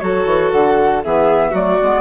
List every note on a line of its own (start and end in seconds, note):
0.00 0.25 F#3
0.00 1.03 F#4
0.00 1.04 A4
0.00 0.51 C#5
0.25 0.51 E3
0.51 1.04 D3
0.51 1.03 F#5
1.04 1.53 E3
1.04 1.54 B3
1.04 1.51 G#4
1.04 1.56 E5
1.51 1.79 F#3
1.51 1.79 A3
1.51 2.02 F#4
1.51 2.02 D5
1.82 2.02 G#3
1.82 2.02 B3